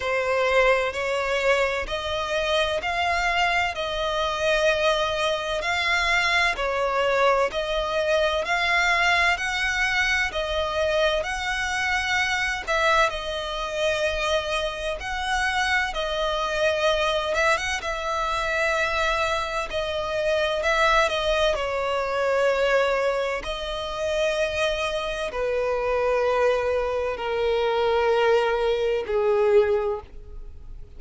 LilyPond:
\new Staff \with { instrumentName = "violin" } { \time 4/4 \tempo 4 = 64 c''4 cis''4 dis''4 f''4 | dis''2 f''4 cis''4 | dis''4 f''4 fis''4 dis''4 | fis''4. e''8 dis''2 |
fis''4 dis''4. e''16 fis''16 e''4~ | e''4 dis''4 e''8 dis''8 cis''4~ | cis''4 dis''2 b'4~ | b'4 ais'2 gis'4 | }